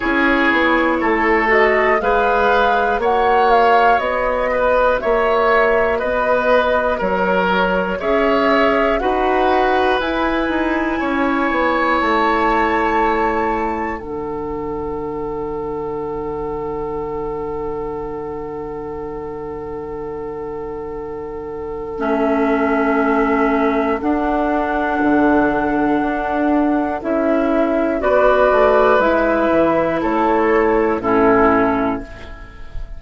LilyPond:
<<
  \new Staff \with { instrumentName = "flute" } { \time 4/4 \tempo 4 = 60 cis''4. dis''8 f''4 fis''8 f''8 | dis''4 e''4 dis''4 cis''4 | e''4 fis''4 gis''2 | a''2 fis''2~ |
fis''1~ | fis''2 e''2 | fis''2. e''4 | d''4 e''4 cis''4 a'4 | }
  \new Staff \with { instrumentName = "oboe" } { \time 4/4 gis'4 a'4 b'4 cis''4~ | cis''8 b'8 cis''4 b'4 ais'4 | cis''4 b'2 cis''4~ | cis''2 a'2~ |
a'1~ | a'1~ | a'1 | b'2 a'4 e'4 | }
  \new Staff \with { instrumentName = "clarinet" } { \time 4/4 e'4. fis'8 gis'4 fis'4~ | fis'1 | gis'4 fis'4 e'2~ | e'2 d'2~ |
d'1~ | d'2 cis'2 | d'2. e'4 | fis'4 e'2 cis'4 | }
  \new Staff \with { instrumentName = "bassoon" } { \time 4/4 cis'8 b8 a4 gis4 ais4 | b4 ais4 b4 fis4 | cis'4 dis'4 e'8 dis'8 cis'8 b8 | a2 d2~ |
d1~ | d2 a2 | d'4 d4 d'4 cis'4 | b8 a8 gis8 e8 a4 a,4 | }
>>